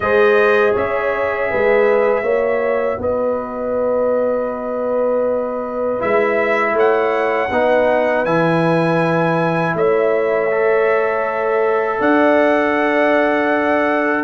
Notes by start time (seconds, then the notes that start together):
0.00 G#3 G#4 C5 D#5
0.73 C#4 C#5 E5
1.50 G#3 B4
2.22 A#3 F#4 C#5
2.98 B3 B4 D#5
5.99 G#3 E4 E5
6.73 A3 C#5 F#5
7.50 B3 D#4 B4
8.25 E3 E4 G#5
9.74 A3 C#5 E5
10.51 A4
11.99 D4 D5 F#5